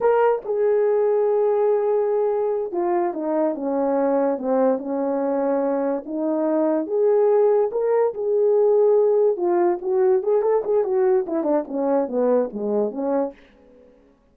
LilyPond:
\new Staff \with { instrumentName = "horn" } { \time 4/4 \tempo 4 = 144 ais'4 gis'2.~ | gis'2~ gis'8 f'4 dis'8~ | dis'8 cis'2 c'4 cis'8~ | cis'2~ cis'8 dis'4.~ |
dis'8 gis'2 ais'4 gis'8~ | gis'2~ gis'8 f'4 fis'8~ | fis'8 gis'8 a'8 gis'8 fis'4 e'8 d'8 | cis'4 b4 gis4 cis'4 | }